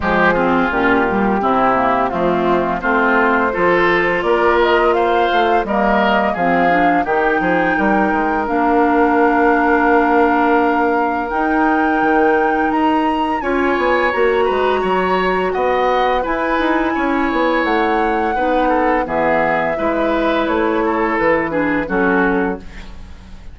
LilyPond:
<<
  \new Staff \with { instrumentName = "flute" } { \time 4/4 \tempo 4 = 85 gis'4 g'2 f'4 | c''2 d''8 dis''8 f''4 | dis''4 f''4 g''2 | f''1 |
g''2 ais''4 gis''4 | ais''2 fis''4 gis''4~ | gis''4 fis''2 e''4~ | e''4 cis''4 b'4 a'4 | }
  \new Staff \with { instrumentName = "oboe" } { \time 4/4 g'8 f'4. e'4 c'4 | f'4 a'4 ais'4 c''4 | ais'4 gis'4 g'8 gis'8 ais'4~ | ais'1~ |
ais'2. cis''4~ | cis''8 b'8 cis''4 dis''4 b'4 | cis''2 b'8 a'8 gis'4 | b'4. a'4 gis'8 fis'4 | }
  \new Staff \with { instrumentName = "clarinet" } { \time 4/4 gis8 c'8 cis'8 g8 c'8 ais8 a4 | c'4 f'2. | ais4 c'8 d'8 dis'2 | d'1 |
dis'2. f'4 | fis'2. e'4~ | e'2 dis'4 b4 | e'2~ e'8 d'8 cis'4 | }
  \new Staff \with { instrumentName = "bassoon" } { \time 4/4 f4 ais,4 c4 f4 | a4 f4 ais4. a8 | g4 f4 dis8 f8 g8 gis8 | ais1 |
dis'4 dis4 dis'4 cis'8 b8 | ais8 gis8 fis4 b4 e'8 dis'8 | cis'8 b8 a4 b4 e4 | gis4 a4 e4 fis4 | }
>>